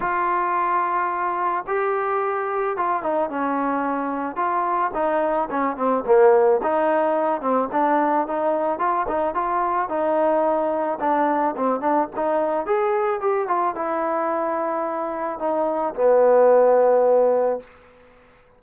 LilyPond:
\new Staff \with { instrumentName = "trombone" } { \time 4/4 \tempo 4 = 109 f'2. g'4~ | g'4 f'8 dis'8 cis'2 | f'4 dis'4 cis'8 c'8 ais4 | dis'4. c'8 d'4 dis'4 |
f'8 dis'8 f'4 dis'2 | d'4 c'8 d'8 dis'4 gis'4 | g'8 f'8 e'2. | dis'4 b2. | }